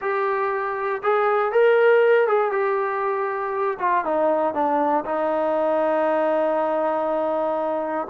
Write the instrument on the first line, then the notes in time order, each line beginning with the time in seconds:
trombone
0.01 G4
1.02 G#4
1.51 A#4
2.27 G#4
2.51 G4
3.79 F4
4.05 D#4
4.54 D4
5.05 D#4